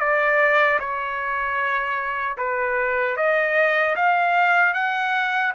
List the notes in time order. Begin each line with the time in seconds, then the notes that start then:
0.00 D5
0.79 C#5
2.37 B4
3.17 D#5
3.95 F5
4.74 F#5